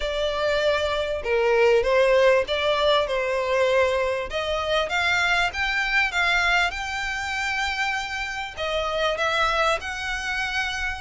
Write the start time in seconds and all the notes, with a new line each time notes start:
0.00 D5
1.23 A#4
1.83 C5
2.47 D5
3.07 C5
4.29 D#5
4.89 F5
5.53 G5
6.11 F5
6.70 G5
8.57 D#5
9.17 E5
9.80 F#5